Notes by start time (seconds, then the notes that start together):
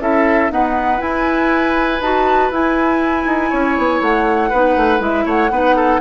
0.00 C#4 E4 A4 E5
0.51 B3 D#4 B4 F#5
0.99 E4 G#5
2.01 D#4 F#4 A5
2.51 E4 G#5
3.26 D#4
3.50 C#4 C#5
3.78 B3
4.01 A3 F#5
4.49 B3 D#4 B4
4.76 A3
4.99 G#3 E4 E5
5.26 A3 C#5 F#5
5.51 B3 D#4 B4
5.76 A4